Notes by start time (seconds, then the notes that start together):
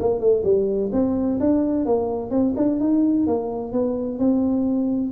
0.00 A#3
0.20 A3
0.44 G3
0.92 C4
1.40 D4
1.85 A#3
2.30 C4
2.56 D4
2.80 D#4
3.27 A#3
3.72 B3
4.19 C4